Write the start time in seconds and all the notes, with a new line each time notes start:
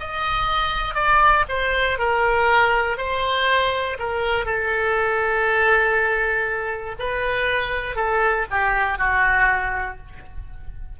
0.00 D#5
0.95 D5
1.48 C5
1.98 A#4
2.97 C5
3.99 A#4
4.45 A4
6.99 B4
7.95 A4
8.50 G4
8.98 F#4